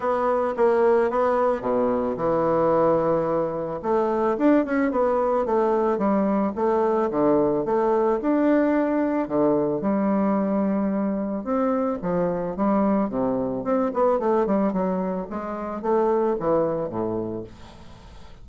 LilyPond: \new Staff \with { instrumentName = "bassoon" } { \time 4/4 \tempo 4 = 110 b4 ais4 b4 b,4 | e2. a4 | d'8 cis'8 b4 a4 g4 | a4 d4 a4 d'4~ |
d'4 d4 g2~ | g4 c'4 f4 g4 | c4 c'8 b8 a8 g8 fis4 | gis4 a4 e4 a,4 | }